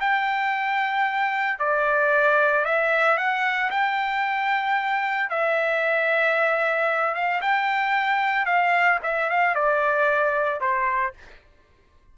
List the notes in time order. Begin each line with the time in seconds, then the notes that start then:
0.00 G5
1.59 D5
2.65 E5
3.17 F#5
3.70 G5
5.30 E5
7.14 F5
7.41 G5
8.46 F5
9.03 E5
9.30 F5
9.55 D5
10.60 C5